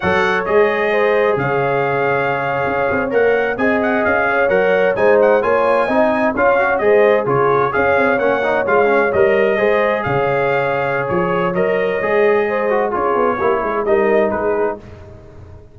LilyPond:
<<
  \new Staff \with { instrumentName = "trumpet" } { \time 4/4 \tempo 4 = 130 fis''4 dis''2 f''4~ | f''2~ f''8. fis''4 gis''16~ | gis''16 fis''8 f''4 fis''4 gis''8 fis''8 gis''16~ | gis''4.~ gis''16 f''4 dis''4 cis''16~ |
cis''8. f''4 fis''4 f''4 dis''16~ | dis''4.~ dis''16 f''2~ f''16 | cis''4 dis''2. | cis''2 dis''4 b'4 | }
  \new Staff \with { instrumentName = "horn" } { \time 4/4 cis''2 c''4 cis''4~ | cis''2.~ cis''8. dis''16~ | dis''4~ dis''16 cis''4. c''4 cis''16~ | cis''8. dis''4 cis''4 c''4 gis'16~ |
gis'8. cis''2.~ cis''16~ | cis''8. c''4 cis''2~ cis''16~ | cis''2. c''4 | gis'4 g'8 gis'8 ais'4 gis'4 | }
  \new Staff \with { instrumentName = "trombone" } { \time 4/4 a'4 gis'2.~ | gis'2~ gis'8. ais'4 gis'16~ | gis'4.~ gis'16 ais'4 dis'4 f'16~ | f'8. dis'4 f'8 fis'8 gis'4 f'16~ |
f'8. gis'4 cis'8 dis'8 f'8 cis'8 ais'16~ | ais'8. gis'2.~ gis'16~ | gis'4 ais'4 gis'4. fis'8 | f'4 e'4 dis'2 | }
  \new Staff \with { instrumentName = "tuba" } { \time 4/4 fis4 gis2 cis4~ | cis4.~ cis16 cis'8 c'8 ais4 c'16~ | c'8. cis'4 fis4 gis4 ais16~ | ais8. c'4 cis'4 gis4 cis16~ |
cis8. cis'8 c'8 ais4 gis4 g16~ | g8. gis4 cis2~ cis16 | f4 fis4 gis2 | cis'8 b8 ais8 gis8 g4 gis4 | }
>>